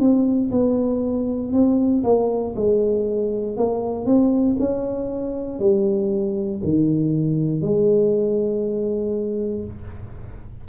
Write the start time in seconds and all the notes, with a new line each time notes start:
0.00 C4
0.51 B3
1.53 C4
2.04 A#3
2.56 G#3
3.57 A#3
4.06 C4
4.59 C#4
5.60 G3
6.64 D#3
7.62 G#3